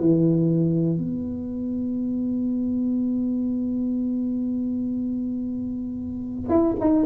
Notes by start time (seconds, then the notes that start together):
0.00 E3
0.99 B3
6.50 E4
6.80 D#4